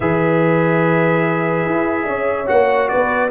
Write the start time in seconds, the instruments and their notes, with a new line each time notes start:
0.00 tuba E3, trombone G#4, horn B4, trumpet E5
1.65 tuba E4
2.05 tuba C#4, horn C#5
2.46 tuba A#3, trombone F#4, trumpet F#5
2.88 horn B4, trumpet D5
2.94 tuba B3